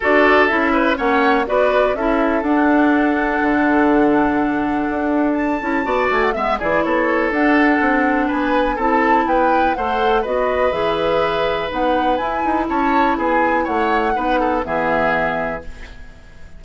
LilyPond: <<
  \new Staff \with { instrumentName = "flute" } { \time 4/4 \tempo 4 = 123 d''4 e''4 fis''4 d''4 | e''4 fis''2.~ | fis''2. a''4~ | a''8 gis''16 fis''16 e''8 d''8 cis''4 fis''4~ |
fis''4 gis''4 a''4 g''4 | fis''4 dis''4 e''2 | fis''4 gis''4 a''4 gis''4 | fis''2 e''2 | }
  \new Staff \with { instrumentName = "oboe" } { \time 4/4 a'4. b'8 cis''4 b'4 | a'1~ | a'1 | d''4 e''8 gis'8 a'2~ |
a'4 b'4 a'4 b'4 | c''4 b'2.~ | b'2 cis''4 gis'4 | cis''4 b'8 a'8 gis'2 | }
  \new Staff \with { instrumentName = "clarinet" } { \time 4/4 fis'4 e'4 cis'4 fis'4 | e'4 d'2.~ | d'2.~ d'8 e'8 | fis'4 b8 e'4. d'4~ |
d'2 e'2 | a'4 fis'4 gis'2 | dis'4 e'2.~ | e'4 dis'4 b2 | }
  \new Staff \with { instrumentName = "bassoon" } { \time 4/4 d'4 cis'4 ais4 b4 | cis'4 d'2 d4~ | d2 d'4. cis'8 | b8 a8 gis8 e8 b4 d'4 |
c'4 b4 c'4 b4 | a4 b4 e2 | b4 e'8 dis'8 cis'4 b4 | a4 b4 e2 | }
>>